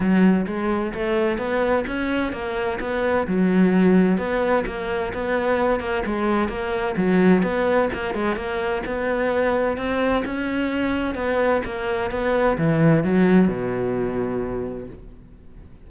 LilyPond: \new Staff \with { instrumentName = "cello" } { \time 4/4 \tempo 4 = 129 fis4 gis4 a4 b4 | cis'4 ais4 b4 fis4~ | fis4 b4 ais4 b4~ | b8 ais8 gis4 ais4 fis4 |
b4 ais8 gis8 ais4 b4~ | b4 c'4 cis'2 | b4 ais4 b4 e4 | fis4 b,2. | }